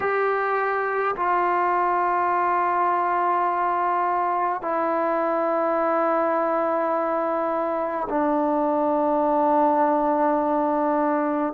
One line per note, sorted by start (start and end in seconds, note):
0.00 1.15 G4
1.15 4.61 F4
4.61 8.07 E4
8.09 11.53 D4